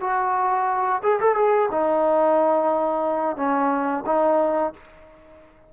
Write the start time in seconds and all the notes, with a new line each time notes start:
0.00 F#4
1.02 G#4
1.20 A4
1.35 G#4
1.71 D#4
3.36 C#4
4.06 D#4